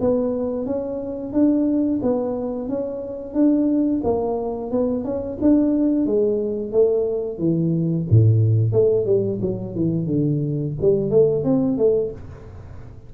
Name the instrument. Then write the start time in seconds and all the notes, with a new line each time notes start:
tuba
0.00 B3
0.66 C#4
1.32 D4
2.02 B3
2.68 C#4
3.33 D4
4.03 A#3
4.71 B3
5.04 C#4
5.41 D4
6.06 G#3
6.72 A3
7.38 E3
8.10 A2
8.72 A3
9.05 G3
9.41 F#3
9.75 E3
10.06 D3
10.81 G3
11.10 A3
11.44 C4
11.77 A3